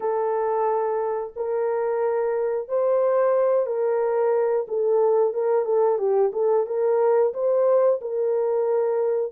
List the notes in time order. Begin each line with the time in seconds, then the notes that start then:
0.00 A4
1.36 A#4
2.68 C5
3.66 A#4
4.68 A4
5.33 A#4
5.65 A4
5.98 G4
6.32 A4
6.66 A#4
7.33 C5
8.01 A#4